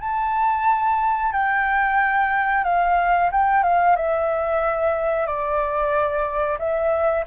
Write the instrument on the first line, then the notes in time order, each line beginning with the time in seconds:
flute
0.00 A5
1.32 G5
2.63 F5
3.31 G5
3.63 F5
3.96 E5
5.26 D5
6.58 E5